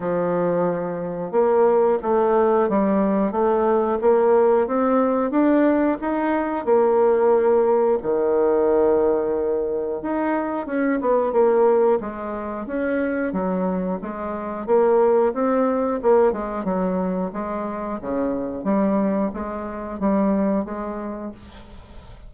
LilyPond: \new Staff \with { instrumentName = "bassoon" } { \time 4/4 \tempo 4 = 90 f2 ais4 a4 | g4 a4 ais4 c'4 | d'4 dis'4 ais2 | dis2. dis'4 |
cis'8 b8 ais4 gis4 cis'4 | fis4 gis4 ais4 c'4 | ais8 gis8 fis4 gis4 cis4 | g4 gis4 g4 gis4 | }